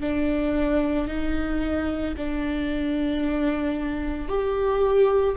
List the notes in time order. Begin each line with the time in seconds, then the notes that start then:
0.00 D4
1.07 D#4
2.17 D4
4.28 G4